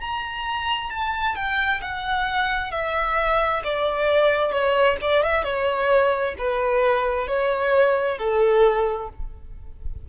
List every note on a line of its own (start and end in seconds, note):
0.00 0.90 A#5
0.90 1.36 A5
1.36 1.81 G5
1.81 2.71 F#5
2.71 3.62 E5
3.63 4.51 D5
4.51 4.97 C#5
5.01 5.23 D5
5.23 5.43 E5
5.43 6.34 C#5
6.38 7.27 B4
7.27 8.18 C#5
8.18 9.09 A4